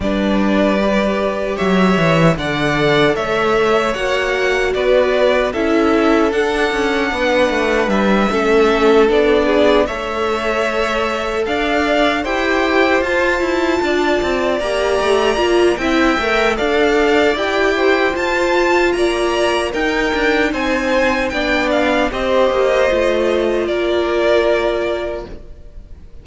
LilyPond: <<
  \new Staff \with { instrumentName = "violin" } { \time 4/4 \tempo 4 = 76 d''2 e''4 fis''4 | e''4 fis''4 d''4 e''4 | fis''2 e''4. d''8~ | d''8 e''2 f''4 g''8~ |
g''8 a''2 ais''4. | g''4 f''4 g''4 a''4 | ais''4 g''4 gis''4 g''8 f''8 | dis''2 d''2 | }
  \new Staff \with { instrumentName = "violin" } { \time 4/4 b'2 cis''4 d''4 | cis''2 b'4 a'4~ | a'4 b'4. a'4. | gis'8 cis''2 d''4 c''8~ |
c''4. d''2~ d''8 | e''4 d''4. c''4. | d''4 ais'4 c''4 d''4 | c''2 ais'2 | }
  \new Staff \with { instrumentName = "viola" } { \time 4/4 d'4 g'2 a'4~ | a'4 fis'2 e'4 | d'2~ d'8 cis'4 d'8~ | d'8 a'2. g'8~ |
g'8 f'2 g'4 f'8 | e'8 ais'8 a'4 g'4 f'4~ | f'4 dis'2 d'4 | g'4 f'2. | }
  \new Staff \with { instrumentName = "cello" } { \time 4/4 g2 fis8 e8 d4 | a4 ais4 b4 cis'4 | d'8 cis'8 b8 a8 g8 a4 b8~ | b8 a2 d'4 e'8~ |
e'8 f'8 e'8 d'8 c'8 ais8 a8 ais8 | c'8 a8 d'4 e'4 f'4 | ais4 dis'8 d'8 c'4 b4 | c'8 ais8 a4 ais2 | }
>>